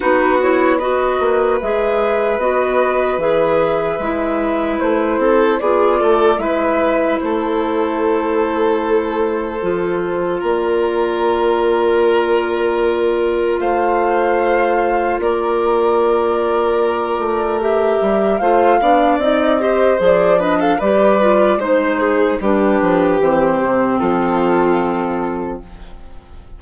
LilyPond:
<<
  \new Staff \with { instrumentName = "flute" } { \time 4/4 \tempo 4 = 75 b'8 cis''8 dis''4 e''4 dis''4 | e''2 c''4 d''4 | e''4 c''2.~ | c''4 d''2.~ |
d''4 f''2 d''4~ | d''2 e''4 f''4 | dis''4 d''8 dis''16 f''16 d''4 c''4 | b'4 c''4 a'2 | }
  \new Staff \with { instrumentName = "violin" } { \time 4/4 fis'4 b'2.~ | b'2~ b'8 a'8 gis'8 a'8 | b'4 a'2.~ | a'4 ais'2.~ |
ais'4 c''2 ais'4~ | ais'2. c''8 d''8~ | d''8 c''4 b'16 a'16 b'4 c''8 gis'8 | g'2 f'2 | }
  \new Staff \with { instrumentName = "clarinet" } { \time 4/4 dis'8 e'8 fis'4 gis'4 fis'4 | gis'4 e'2 f'4 | e'1 | f'1~ |
f'1~ | f'2 g'4 f'8 d'8 | dis'8 g'8 gis'8 d'8 g'8 f'8 dis'4 | d'4 c'2. | }
  \new Staff \with { instrumentName = "bassoon" } { \time 4/4 b4. ais8 gis4 b4 | e4 gis4 a8 c'8 b8 a8 | gis4 a2. | f4 ais2.~ |
ais4 a2 ais4~ | ais4. a4 g8 a8 b8 | c'4 f4 g4 gis4 | g8 f8 e8 c8 f2 | }
>>